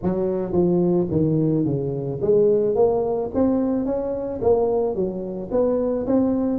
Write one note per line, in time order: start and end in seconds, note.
0.03 0.52 F#3
0.52 1.07 F3
1.11 1.65 D#3
1.65 2.20 C#3
2.21 2.75 G#3
2.75 3.30 A#3
3.34 3.85 C4
3.85 4.40 C#4
4.41 4.95 A#3
4.95 5.50 F#3
5.51 6.06 B3
6.07 6.59 C4